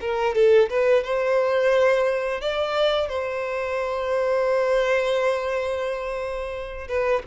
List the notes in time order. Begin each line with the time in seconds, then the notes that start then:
0.00 A#4
0.34 A4
0.69 B4
1.03 C5
2.41 D5
3.08 C5
6.88 B4